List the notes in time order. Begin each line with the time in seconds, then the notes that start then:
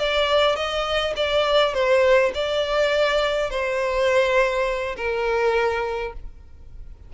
0.00 D5
0.56 D#5
1.17 D5
1.74 C5
2.35 D5
3.51 C5
4.97 A#4